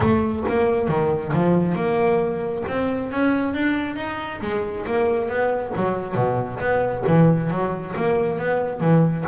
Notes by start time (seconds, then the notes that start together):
0.00 A3
0.48 A#3
0.88 D#3
1.33 F3
1.75 A#3
2.68 C4
3.11 C#4
3.54 D4
3.96 D#4
4.41 G#3
4.86 A#3
5.28 B3
5.76 F#3
6.14 B2
6.60 B3
7.06 E3
7.50 F#3
7.96 A#3
8.38 B3
8.80 E3